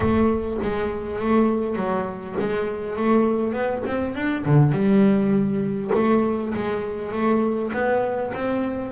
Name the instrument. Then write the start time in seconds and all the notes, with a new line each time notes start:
double bass
0.00 A3
0.62 G#3
1.19 A3
1.76 F#3
2.39 G#3
2.96 A3
3.53 B3
3.86 C4
4.14 D4
4.45 D3
4.71 G3
5.94 A3
6.54 G#3
7.12 A3
7.73 B3
8.34 C4